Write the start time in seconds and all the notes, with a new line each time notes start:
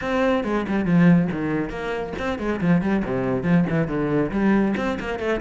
0.01 C4
0.44 G#3
0.68 G3
0.85 F3
1.31 D#3
1.69 A#3
2.19 C4
2.38 G#3
2.60 F3
2.81 G3
3.04 C3
3.43 F3
3.69 E3
3.87 D3
4.31 G3
4.76 C4
4.99 A#3
5.19 A3